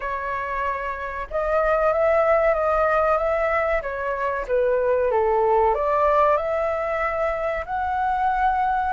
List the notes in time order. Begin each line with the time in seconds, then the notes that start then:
0.00 C#5
1.30 D#5
1.93 E5
2.54 D#5
3.17 E5
3.82 C#5
4.47 B4
5.11 A4
5.74 D5
6.37 E5
7.65 F#5